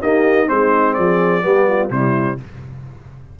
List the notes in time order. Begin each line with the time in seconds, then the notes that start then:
0.00 A#3 D#4 G4 D#5
0.46 G#3 C4 D#4 C5
0.94 F3 G#4 D5
1.41 G3 B3 G4
1.67 F4
1.90 C3 G3 E4 C5